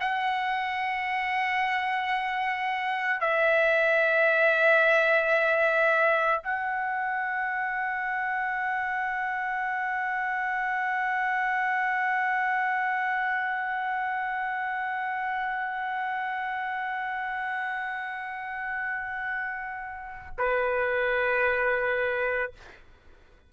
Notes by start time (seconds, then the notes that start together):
0.00 F#5
3.20 E5
6.43 F#5
20.38 B4